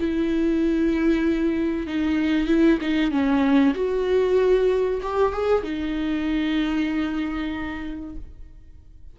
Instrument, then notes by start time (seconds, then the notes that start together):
viola
0.00 E4
1.87 D#4
2.47 E4
2.81 D#4
3.11 C#4
3.74 F#4
5.02 G4
5.33 G#4
5.64 D#4